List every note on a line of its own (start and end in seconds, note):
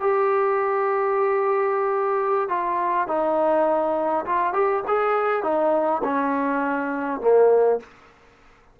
0.00 2.49 G4
2.49 3.07 F4
3.07 4.25 D#4
4.25 4.53 F4
4.53 4.83 G4
4.87 5.43 G#4
5.43 6.02 D#4
6.03 7.21 C#4
7.21 7.79 A#3